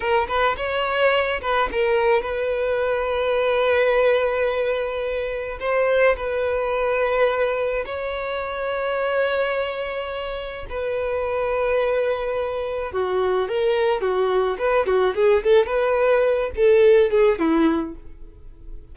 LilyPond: \new Staff \with { instrumentName = "violin" } { \time 4/4 \tempo 4 = 107 ais'8 b'8 cis''4. b'8 ais'4 | b'1~ | b'2 c''4 b'4~ | b'2 cis''2~ |
cis''2. b'4~ | b'2. fis'4 | ais'4 fis'4 b'8 fis'8 gis'8 a'8 | b'4. a'4 gis'8 e'4 | }